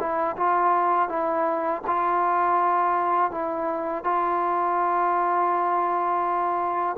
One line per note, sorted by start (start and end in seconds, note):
0.00 0.37 E4
0.37 1.09 F4
1.09 1.83 E4
1.87 3.32 F4
3.32 4.04 E4
4.04 6.97 F4